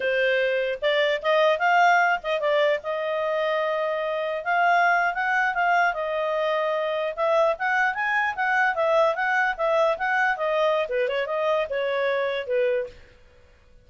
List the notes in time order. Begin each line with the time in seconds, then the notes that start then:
0.00 C5
0.81 D5
1.22 D#5
1.58 F5
2.23 D#5
2.39 D5
2.83 D#5
4.44 F5
5.14 F#5
5.54 F5
5.93 D#5
7.15 E5
7.59 F#5
7.94 G#5
8.35 F#5
8.75 E5
9.15 F#5
9.57 E5
9.98 F#5
10.36 D#5
10.88 B4
11.08 C#5
11.26 D#5
11.69 C#5
12.46 B4